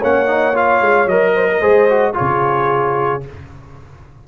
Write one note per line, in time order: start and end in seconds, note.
0.00 0.81 A#3
0.00 0.27 C#4
0.00 1.34 C#5
0.00 0.57 F#5
0.27 0.54 D#4
0.54 1.08 F4
0.54 1.08 F5
0.81 1.06 G#3
1.06 1.60 F#3
1.06 1.62 A#4
1.06 2.16 D#5
1.36 1.49 C5
1.49 1.62 A#4
1.61 2.15 G#3
1.61 1.89 G#4
1.61 2.15 C5
1.90 2.14 F#4
2.14 3.21 F4
2.14 3.25 G#4
2.14 3.24 C#5
2.21 3.28 C#3